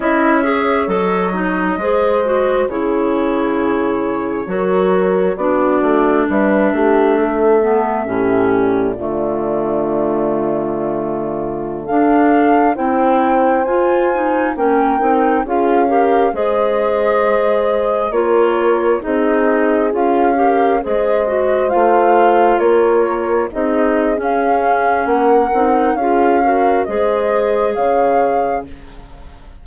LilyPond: <<
  \new Staff \with { instrumentName = "flute" } { \time 4/4 \tempo 4 = 67 e''4 dis''2 cis''4~ | cis''2 d''4 e''4~ | e''4. d''2~ d''8~ | d''4~ d''16 f''4 g''4 gis''8.~ |
gis''16 g''4 f''4 dis''4.~ dis''16~ | dis''16 cis''4 dis''4 f''4 dis''8.~ | dis''16 f''4 cis''4 dis''8. f''4 | fis''4 f''4 dis''4 f''4 | }
  \new Staff \with { instrumentName = "horn" } { \time 4/4 dis''8 cis''4. c''4 gis'4~ | gis'4 ais'4 fis'4 b'8 g'8 | a'4 g'4 f'2~ | f'4~ f'16 a'4 c''4.~ c''16~ |
c''16 ais'4 gis'8 ais'8 c''4.~ c''16~ | c''16 ais'4 gis'4. ais'8 c''8.~ | c''4~ c''16 ais'4 gis'4.~ gis'16 | ais'4 gis'8 ais'8 c''4 cis''4 | }
  \new Staff \with { instrumentName = "clarinet" } { \time 4/4 e'8 gis'8 a'8 dis'8 gis'8 fis'8 e'4~ | e'4 fis'4 d'2~ | d'8 b8 cis'4 a2~ | a4~ a16 d'4 e'4 f'8 dis'16~ |
dis'16 cis'8 dis'8 f'8 g'8 gis'4.~ gis'16~ | gis'16 f'4 dis'4 f'8 g'8 gis'8 fis'16~ | fis'16 f'2 dis'8. cis'4~ | cis'8 dis'8 f'8 fis'8 gis'2 | }
  \new Staff \with { instrumentName = "bassoon" } { \time 4/4 cis'4 fis4 gis4 cis4~ | cis4 fis4 b8 a8 g8 a8~ | a4 a,4 d2~ | d4~ d16 d'4 c'4 f'8.~ |
f'16 ais8 c'8 cis'4 gis4.~ gis16~ | gis16 ais4 c'4 cis'4 gis8.~ | gis16 a4 ais4 c'8. cis'4 | ais8 c'8 cis'4 gis4 cis4 | }
>>